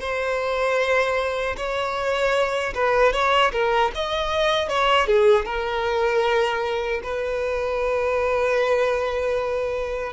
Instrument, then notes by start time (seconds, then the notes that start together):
violin
0.00 C5
1.57 C#5
2.74 B4
3.13 C#5
3.52 A#4
3.95 D#5
4.69 C#5
5.07 G#4
5.45 A#4
7.03 B4